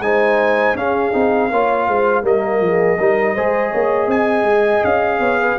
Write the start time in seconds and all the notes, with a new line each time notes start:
0.00 G#3 D#4 C5 G#5
0.75 C#4 G#4 F5
1.13 C4 D#4
1.51 A#3 F4 C#5
1.88 G#3 C5
2.23 G3 A#3 A#4 D#5
2.61 F3 G#4
2.99 G3 D#4 A#4
3.34 G#3 G#4 C5
3.71 A#3 C#5
4.07 C4 D#5 G#5
4.43 G#3
4.85 C#4 F5
5.20 B3 C#5
5.41 B4